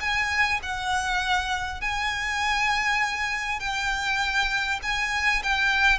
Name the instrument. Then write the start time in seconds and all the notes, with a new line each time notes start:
violin
0.00 G#5
0.62 F#5
1.81 G#5
3.60 G5
4.83 G#5
5.43 G5